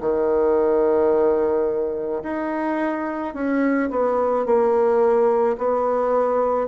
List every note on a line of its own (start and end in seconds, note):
0.00 2.22 D#3
2.23 3.34 D#4
3.34 3.89 C#4
3.90 4.45 B3
4.45 5.57 A#3
5.58 6.67 B3